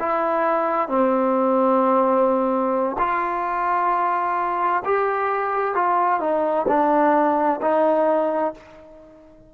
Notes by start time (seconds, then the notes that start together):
0.00 E4
0.89 C4
2.99 F4
4.85 G4
5.75 F4
6.20 D#4
6.68 D4
7.62 D#4